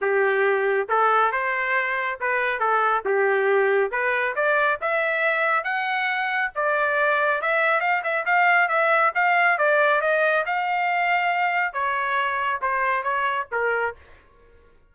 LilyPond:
\new Staff \with { instrumentName = "trumpet" } { \time 4/4 \tempo 4 = 138 g'2 a'4 c''4~ | c''4 b'4 a'4 g'4~ | g'4 b'4 d''4 e''4~ | e''4 fis''2 d''4~ |
d''4 e''4 f''8 e''8 f''4 | e''4 f''4 d''4 dis''4 | f''2. cis''4~ | cis''4 c''4 cis''4 ais'4 | }